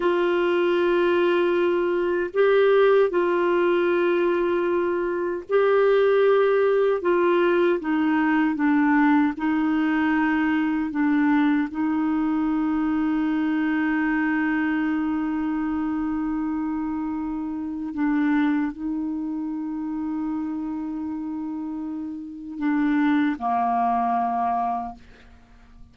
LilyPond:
\new Staff \with { instrumentName = "clarinet" } { \time 4/4 \tempo 4 = 77 f'2. g'4 | f'2. g'4~ | g'4 f'4 dis'4 d'4 | dis'2 d'4 dis'4~ |
dis'1~ | dis'2. d'4 | dis'1~ | dis'4 d'4 ais2 | }